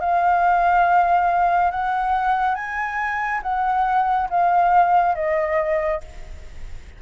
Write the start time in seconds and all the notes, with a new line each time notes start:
0.00 F5
1.71 F#5
2.55 G#5
3.42 F#5
4.30 F5
5.15 D#5